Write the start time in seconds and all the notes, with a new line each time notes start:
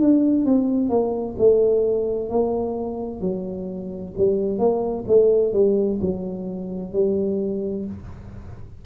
0.00 D4
0.45 C4
0.89 A#3
1.38 A3
2.29 A#3
3.21 F#3
4.17 G3
4.58 A#3
5.07 A3
5.53 G3
6.01 F#3
6.93 G3